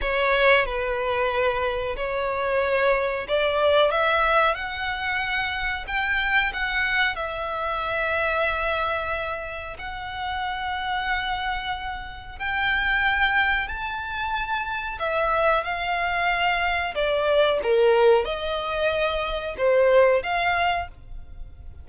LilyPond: \new Staff \with { instrumentName = "violin" } { \time 4/4 \tempo 4 = 92 cis''4 b'2 cis''4~ | cis''4 d''4 e''4 fis''4~ | fis''4 g''4 fis''4 e''4~ | e''2. fis''4~ |
fis''2. g''4~ | g''4 a''2 e''4 | f''2 d''4 ais'4 | dis''2 c''4 f''4 | }